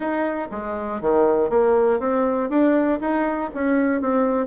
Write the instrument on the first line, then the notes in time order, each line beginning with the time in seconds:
bassoon
0.00 D#4
0.51 G#3
1.01 D#3
1.49 A#3
1.99 C4
2.49 D4
3.00 D#4
3.54 C#4
4.01 C4